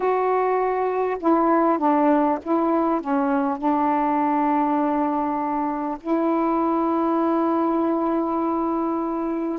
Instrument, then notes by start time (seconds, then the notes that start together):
saxophone
0.00 F#4
1.19 E4
1.78 D4
2.42 E4
3.01 C#4
3.58 D4
6.00 E4